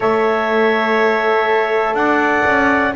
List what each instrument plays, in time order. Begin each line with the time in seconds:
0.00 double bass A3, horn A4, trumpet C#5, clarinet E5
1.93 double bass D4, trumpet D5, clarinet F#5
2.45 double bass C#4